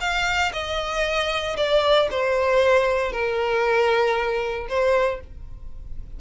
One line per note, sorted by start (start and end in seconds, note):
0.00 0.52 F5
0.53 1.56 D#5
1.56 2.08 D5
2.11 3.12 C5
3.12 4.67 A#4
4.68 5.20 C5